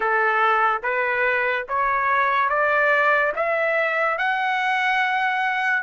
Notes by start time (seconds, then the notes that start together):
0.00 A4
0.82 B4
1.68 C#5
2.49 D5
3.36 E5
4.18 F#5